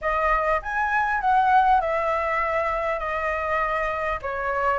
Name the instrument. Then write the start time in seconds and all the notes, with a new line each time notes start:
flute
0.01 D#5
0.62 G#5
1.21 F#5
1.81 E5
2.99 D#5
4.22 C#5